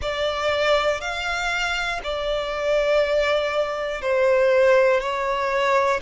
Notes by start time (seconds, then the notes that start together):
0.01 D5
1.00 F5
2.03 D5
4.01 C5
5.00 C#5